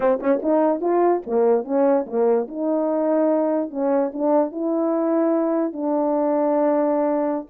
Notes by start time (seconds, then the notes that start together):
0.00 C4
0.20 C#4
0.42 D#4
0.81 F4
1.26 A#3
1.64 C#4
2.06 A#3
2.48 D#4
3.70 C#4
4.13 D4
4.51 E4
5.72 D4